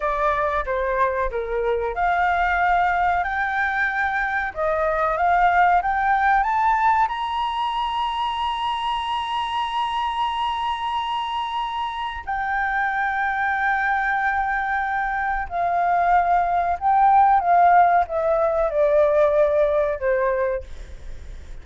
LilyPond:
\new Staff \with { instrumentName = "flute" } { \time 4/4 \tempo 4 = 93 d''4 c''4 ais'4 f''4~ | f''4 g''2 dis''4 | f''4 g''4 a''4 ais''4~ | ais''1~ |
ais''2. g''4~ | g''1 | f''2 g''4 f''4 | e''4 d''2 c''4 | }